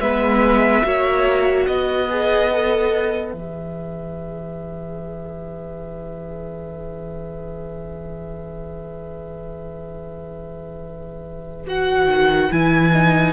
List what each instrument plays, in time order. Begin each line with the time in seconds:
0.00 cello G#3, viola B3, violin B4 E5
0.83 cello A#3, viola F#4, violin C#5
1.66 cello B3, violin B4 D#5
2.10 viola G#4
2.53 viola A4
3.32 cello E3, viola G#4, violin E5
11.67 viola F#4, violin F#5
12.07 cello D#3
12.51 cello E3, viola E4, violin G#5
12.93 viola D#4